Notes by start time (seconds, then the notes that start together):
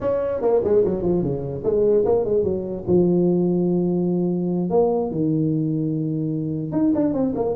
0.00 C#4
0.41 A#3
0.63 G#3
0.84 F#3
1.02 F3
1.22 C#3
1.63 G#3
2.05 A#3
2.24 G#3
2.43 F#3
2.87 F3
4.70 A#3
5.10 D#3
6.72 D#4
6.94 D4
7.13 C4
7.35 A#3